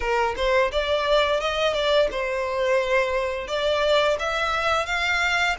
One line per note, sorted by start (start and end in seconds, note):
0.00 0.35 A#4
0.36 0.71 C5
0.71 1.40 D5
1.40 1.73 D#5
1.73 2.08 D5
2.11 3.47 C5
3.47 4.17 D5
4.19 4.86 E5
4.86 5.56 F5